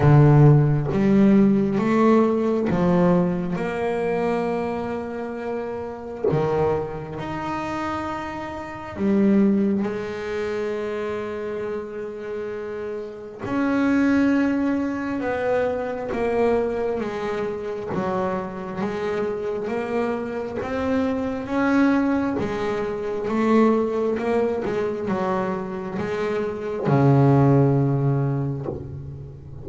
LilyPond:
\new Staff \with { instrumentName = "double bass" } { \time 4/4 \tempo 4 = 67 d4 g4 a4 f4 | ais2. dis4 | dis'2 g4 gis4~ | gis2. cis'4~ |
cis'4 b4 ais4 gis4 | fis4 gis4 ais4 c'4 | cis'4 gis4 a4 ais8 gis8 | fis4 gis4 cis2 | }